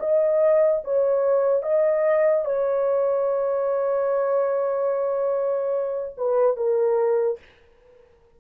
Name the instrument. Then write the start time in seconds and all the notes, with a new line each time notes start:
horn
0.00 D#5
0.84 C#5
1.63 D#5
2.45 C#5
6.18 B4
6.57 A#4